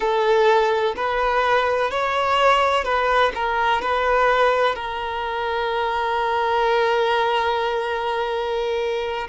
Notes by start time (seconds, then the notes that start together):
0.00 A4
0.95 B4
1.90 C#5
2.84 B4
3.35 A#4
3.81 B4
4.75 A#4